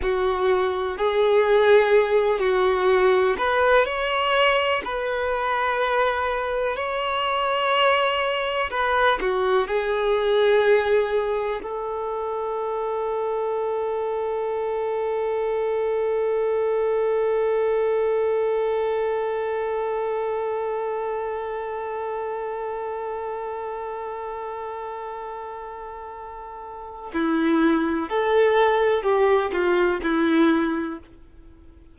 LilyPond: \new Staff \with { instrumentName = "violin" } { \time 4/4 \tempo 4 = 62 fis'4 gis'4. fis'4 b'8 | cis''4 b'2 cis''4~ | cis''4 b'8 fis'8 gis'2 | a'1~ |
a'1~ | a'1~ | a'1 | e'4 a'4 g'8 f'8 e'4 | }